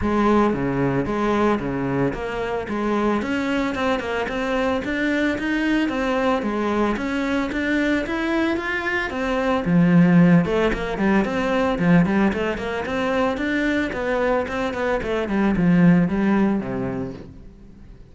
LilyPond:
\new Staff \with { instrumentName = "cello" } { \time 4/4 \tempo 4 = 112 gis4 cis4 gis4 cis4 | ais4 gis4 cis'4 c'8 ais8 | c'4 d'4 dis'4 c'4 | gis4 cis'4 d'4 e'4 |
f'4 c'4 f4. a8 | ais8 g8 c'4 f8 g8 a8 ais8 | c'4 d'4 b4 c'8 b8 | a8 g8 f4 g4 c4 | }